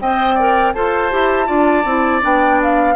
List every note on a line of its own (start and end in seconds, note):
0.00 0.74 C4
0.00 0.39 C5
0.00 0.35 D#5
0.00 0.73 G5
0.35 0.74 A#4
0.35 0.72 D5
0.73 1.12 F4
0.73 1.11 A4
0.73 1.46 C5
0.73 2.21 A5
1.11 1.49 E4
1.11 1.46 G4
1.46 1.84 D4
1.46 1.83 F4
1.46 2.94 D5
1.84 2.21 C4
1.84 2.21 E4
2.21 2.95 B3
2.21 2.95 D4
2.21 2.62 G5
2.62 2.95 F5